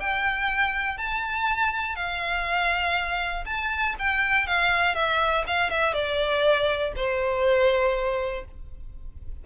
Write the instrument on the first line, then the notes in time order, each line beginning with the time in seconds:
violin
0.00 G5
0.97 A5
1.96 F5
3.46 A5
3.99 G5
4.47 F5
4.95 E5
5.47 F5
5.70 E5
5.93 D5
6.96 C5